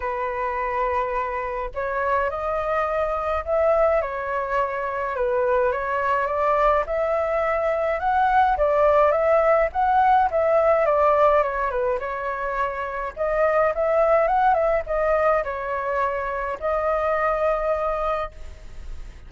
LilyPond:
\new Staff \with { instrumentName = "flute" } { \time 4/4 \tempo 4 = 105 b'2. cis''4 | dis''2 e''4 cis''4~ | cis''4 b'4 cis''4 d''4 | e''2 fis''4 d''4 |
e''4 fis''4 e''4 d''4 | cis''8 b'8 cis''2 dis''4 | e''4 fis''8 e''8 dis''4 cis''4~ | cis''4 dis''2. | }